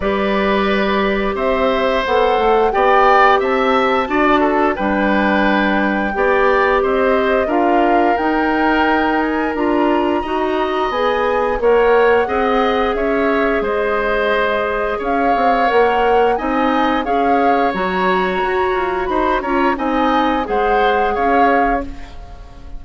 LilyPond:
<<
  \new Staff \with { instrumentName = "flute" } { \time 4/4 \tempo 4 = 88 d''2 e''4 fis''4 | g''4 a''2 g''4~ | g''2 dis''4 f''4 | g''4. gis''8 ais''2 |
gis''4 fis''2 e''4 | dis''2 f''4 fis''4 | gis''4 f''4 ais''2 | b''8 ais''8 gis''4 fis''4 f''4 | }
  \new Staff \with { instrumentName = "oboe" } { \time 4/4 b'2 c''2 | d''4 e''4 d''8 a'8 b'4~ | b'4 d''4 c''4 ais'4~ | ais'2. dis''4~ |
dis''4 cis''4 dis''4 cis''4 | c''2 cis''2 | dis''4 cis''2. | c''8 cis''8 dis''4 c''4 cis''4 | }
  \new Staff \with { instrumentName = "clarinet" } { \time 4/4 g'2. a'4 | g'2 fis'4 d'4~ | d'4 g'2 f'4 | dis'2 f'4 fis'4 |
gis'4 ais'4 gis'2~ | gis'2. ais'4 | dis'4 gis'4 fis'2~ | fis'8 f'8 dis'4 gis'2 | }
  \new Staff \with { instrumentName = "bassoon" } { \time 4/4 g2 c'4 b8 a8 | b4 c'4 d'4 g4~ | g4 b4 c'4 d'4 | dis'2 d'4 dis'4 |
b4 ais4 c'4 cis'4 | gis2 cis'8 c'8 ais4 | c'4 cis'4 fis4 fis'8 f'8 | dis'8 cis'8 c'4 gis4 cis'4 | }
>>